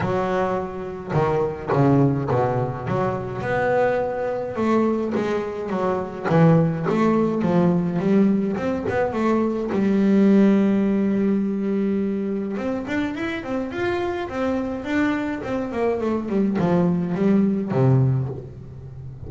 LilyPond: \new Staff \with { instrumentName = "double bass" } { \time 4/4 \tempo 4 = 105 fis2 dis4 cis4 | b,4 fis4 b2 | a4 gis4 fis4 e4 | a4 f4 g4 c'8 b8 |
a4 g2.~ | g2 c'8 d'8 e'8 c'8 | f'4 c'4 d'4 c'8 ais8 | a8 g8 f4 g4 c4 | }